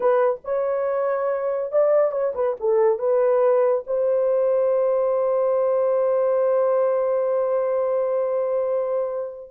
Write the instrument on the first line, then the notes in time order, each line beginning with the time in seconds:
horn
0.00 B4
0.44 C#5
1.72 D5
2.11 C#5
2.34 B4
2.60 A4
2.98 B4
3.86 C5